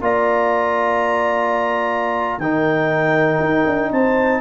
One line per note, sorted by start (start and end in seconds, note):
0.00 2.38 A#3
0.00 2.41 F4
0.00 2.41 D5
0.00 2.39 A#5
2.38 3.38 D#3
2.38 4.40 D#4
2.38 3.91 A#4
2.38 3.90 G5
3.39 3.64 D#4
3.66 3.91 D4
3.91 4.40 C4
3.91 4.40 C5
3.91 4.40 A5